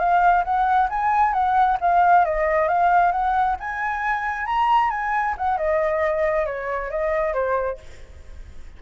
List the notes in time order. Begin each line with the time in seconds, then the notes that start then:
0.00 F5
0.45 F#5
0.90 G#5
1.34 F#5
1.81 F5
2.25 D#5
2.68 F5
3.12 F#5
3.60 G#5
4.47 A#5
4.91 G#5
5.38 F#5
5.58 D#5
6.46 C#5
6.91 D#5
7.34 C5